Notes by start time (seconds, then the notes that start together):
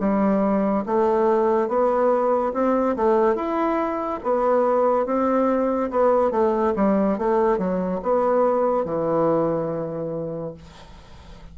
0.00 G3
0.86 A3
1.68 B3
2.54 C4
2.96 A3
3.35 E4
4.23 B3
5.06 C4
5.91 B3
6.31 A3
6.76 G3
7.18 A3
7.58 F#3
8.02 B3
8.85 E3